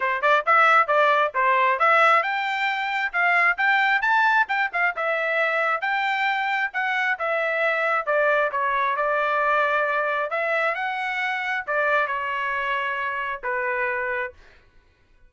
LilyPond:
\new Staff \with { instrumentName = "trumpet" } { \time 4/4 \tempo 4 = 134 c''8 d''8 e''4 d''4 c''4 | e''4 g''2 f''4 | g''4 a''4 g''8 f''8 e''4~ | e''4 g''2 fis''4 |
e''2 d''4 cis''4 | d''2. e''4 | fis''2 d''4 cis''4~ | cis''2 b'2 | }